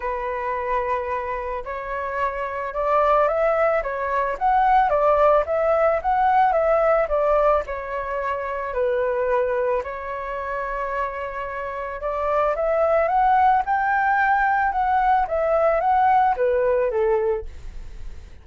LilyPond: \new Staff \with { instrumentName = "flute" } { \time 4/4 \tempo 4 = 110 b'2. cis''4~ | cis''4 d''4 e''4 cis''4 | fis''4 d''4 e''4 fis''4 | e''4 d''4 cis''2 |
b'2 cis''2~ | cis''2 d''4 e''4 | fis''4 g''2 fis''4 | e''4 fis''4 b'4 a'4 | }